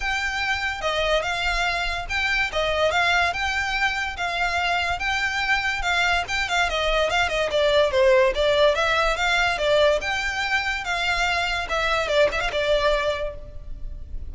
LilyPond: \new Staff \with { instrumentName = "violin" } { \time 4/4 \tempo 4 = 144 g''2 dis''4 f''4~ | f''4 g''4 dis''4 f''4 | g''2 f''2 | g''2 f''4 g''8 f''8 |
dis''4 f''8 dis''8 d''4 c''4 | d''4 e''4 f''4 d''4 | g''2 f''2 | e''4 d''8 e''16 f''16 d''2 | }